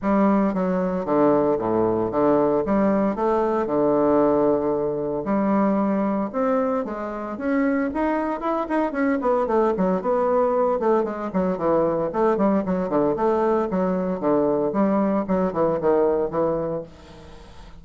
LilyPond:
\new Staff \with { instrumentName = "bassoon" } { \time 4/4 \tempo 4 = 114 g4 fis4 d4 a,4 | d4 g4 a4 d4~ | d2 g2 | c'4 gis4 cis'4 dis'4 |
e'8 dis'8 cis'8 b8 a8 fis8 b4~ | b8 a8 gis8 fis8 e4 a8 g8 | fis8 d8 a4 fis4 d4 | g4 fis8 e8 dis4 e4 | }